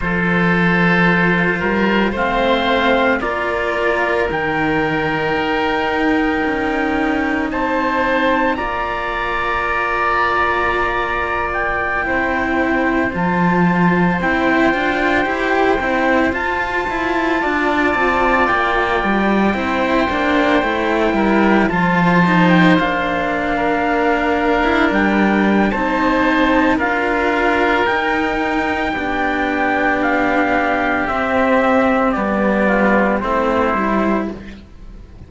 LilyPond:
<<
  \new Staff \with { instrumentName = "trumpet" } { \time 4/4 \tempo 4 = 56 c''2 f''4 d''4 | g''2. a''4 | ais''2~ ais''8. g''4~ g''16~ | g''16 a''4 g''2 a''8.~ |
a''4~ a''16 g''2~ g''8.~ | g''16 a''8. g''16 f''2 g''8. | a''4 f''4 g''2 | f''4 e''4 d''4 c''4 | }
  \new Staff \with { instrumentName = "oboe" } { \time 4/4 a'4. ais'8 c''4 ais'4~ | ais'2. c''4 | d''2.~ d''16 c''8.~ | c''1~ |
c''16 d''2 c''4. ais'16~ | ais'16 c''4.~ c''16 ais'2 | c''4 ais'2 g'4~ | g'2~ g'8 f'8 e'4 | }
  \new Staff \with { instrumentName = "cello" } { \time 4/4 f'2 c'4 f'4 | dis'1 | f'2.~ f'16 e'8.~ | e'16 f'4 e'8 f'8 g'8 e'8 f'8.~ |
f'2~ f'16 e'8 d'8 e'8.~ | e'16 f'8 dis'8 d'2~ d'8. | dis'4 f'4 dis'4 d'4~ | d'4 c'4 b4 c'8 e'8 | }
  \new Staff \with { instrumentName = "cello" } { \time 4/4 f4. g8 a4 ais4 | dis4 dis'4 cis'4 c'4 | ais2.~ ais16 c'8.~ | c'16 f4 c'8 d'8 e'8 c'8 f'8 e'16~ |
e'16 d'8 c'8 ais8 g8 c'8 ais8 a8 g16~ | g16 f4 ais4.~ ais16 e'16 g8. | c'4 d'4 dis'4 b4~ | b4 c'4 g4 a8 g8 | }
>>